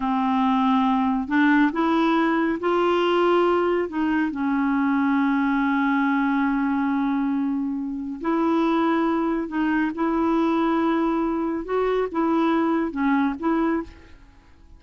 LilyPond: \new Staff \with { instrumentName = "clarinet" } { \time 4/4 \tempo 4 = 139 c'2. d'4 | e'2 f'2~ | f'4 dis'4 cis'2~ | cis'1~ |
cis'2. e'4~ | e'2 dis'4 e'4~ | e'2. fis'4 | e'2 cis'4 e'4 | }